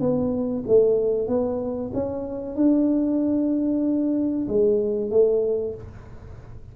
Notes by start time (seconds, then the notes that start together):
0.00 B3
0.67 A3
1.28 B3
1.94 C#4
2.56 D4
4.48 G#3
5.11 A3